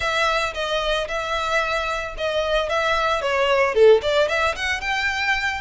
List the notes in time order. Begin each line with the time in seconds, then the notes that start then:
0.00 E5
0.54 D#5
1.07 E5
2.17 D#5
2.69 E5
3.21 C#5
3.74 A4
4.02 D5
4.28 E5
4.55 F#5
4.80 G5